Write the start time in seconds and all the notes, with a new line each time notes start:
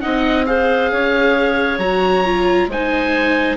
0.00 C4 D#4 D#5 F#5
0.46 G#4 C5 F5
0.91 C#4 C#5
1.78 F#3 F#4 A#5
2.25 F4
2.67 G#3 D#4 C5 G#5